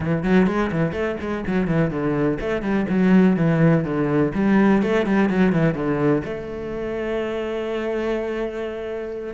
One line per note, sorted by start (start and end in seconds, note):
0.00 0.23 E3
0.23 0.46 F#3
0.46 0.70 G#3
0.71 0.92 E3
0.92 1.16 A3
1.20 1.44 G#3
1.46 1.67 F#3
1.67 1.90 E3
1.90 2.38 D3
2.40 2.61 A3
2.61 2.85 G3
2.89 3.36 F#3
3.36 3.84 E3
3.84 4.32 D3
4.34 4.82 G3
4.82 5.06 A3
5.06 5.29 G3
5.29 5.52 F#3
5.52 5.74 E3
5.74 6.22 D3
6.24 9.33 A3